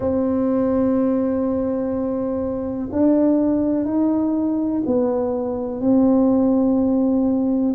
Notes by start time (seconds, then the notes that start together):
0.00 C4
2.92 D4
3.84 D#4
4.86 B3
5.81 C4